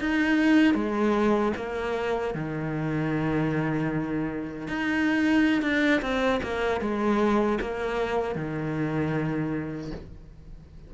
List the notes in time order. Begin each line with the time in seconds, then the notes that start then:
0.00 D#4
0.74 G#3
1.56 A#3
2.34 D#3
4.68 D#4
5.62 D4
6.01 C4
6.43 A#3
6.80 G#3
7.60 A#3
8.35 D#3